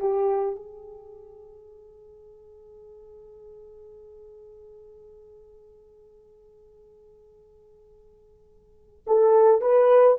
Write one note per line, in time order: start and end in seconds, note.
0.00 0.56 G4
0.56 9.05 G#4
9.07 9.61 A4
9.61 10.18 B4